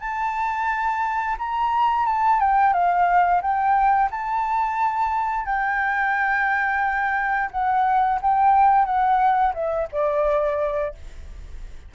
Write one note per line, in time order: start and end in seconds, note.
0.00 1.36 A5
1.39 2.06 A#5
2.06 2.40 A5
2.40 2.73 G5
2.73 3.41 F5
3.42 4.10 G5
4.11 5.45 A5
5.45 7.50 G5
7.51 8.19 F#5
8.22 8.85 G5
8.85 9.53 F#5
9.54 9.88 E5
9.92 10.94 D5